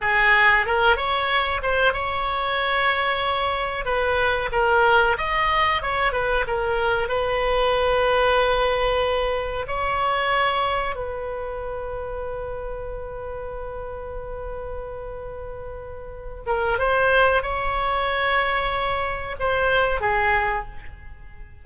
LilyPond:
\new Staff \with { instrumentName = "oboe" } { \time 4/4 \tempo 4 = 93 gis'4 ais'8 cis''4 c''8 cis''4~ | cis''2 b'4 ais'4 | dis''4 cis''8 b'8 ais'4 b'4~ | b'2. cis''4~ |
cis''4 b'2.~ | b'1~ | b'4. ais'8 c''4 cis''4~ | cis''2 c''4 gis'4 | }